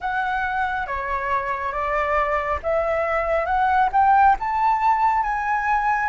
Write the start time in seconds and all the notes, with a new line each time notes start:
0.00 F#5
0.87 C#5
1.72 D5
2.62 E5
3.45 F#5
3.92 G5
4.39 A5
5.23 G#5